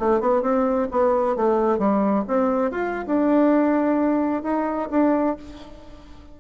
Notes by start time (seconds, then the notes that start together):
0.00 A3
0.21 B3
0.43 C4
0.92 B3
1.36 A3
1.79 G3
2.28 C4
2.72 F4
3.07 D4
4.43 D#4
4.91 D4